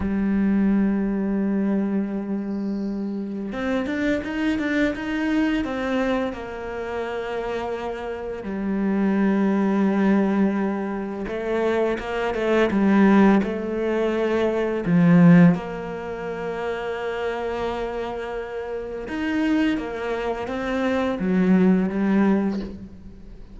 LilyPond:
\new Staff \with { instrumentName = "cello" } { \time 4/4 \tempo 4 = 85 g1~ | g4 c'8 d'8 dis'8 d'8 dis'4 | c'4 ais2. | g1 |
a4 ais8 a8 g4 a4~ | a4 f4 ais2~ | ais2. dis'4 | ais4 c'4 fis4 g4 | }